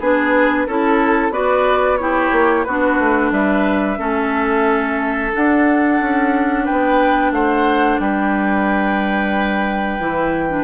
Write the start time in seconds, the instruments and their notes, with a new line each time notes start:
0.00 bassoon B3, clarinet D4, oboe G#4, flute B4
0.67 bassoon C#4, clarinet E4, flute A4, oboe A4
1.30 bassoon B3, clarinet F#4, oboe B4, flute D5
1.97 clarinet E4, oboe G4, flute C#5
2.32 bassoon A#3
2.64 bassoon B3, clarinet D4, oboe F#4, flute B4
2.99 bassoon A3
3.31 bassoon G3, oboe B4, flute E5
3.98 bassoon A3, clarinet C#4, oboe A4
5.33 clarinet D4, bassoon D4, flute F#5
6.01 bassoon C#4
6.65 bassoon B3, oboe B4, flute G5
7.32 bassoon A3, oboe C5, flute F#5
7.99 bassoon G3, oboe B4, flute G5
9.99 bassoon E3, clarinet E4
10.50 clarinet D4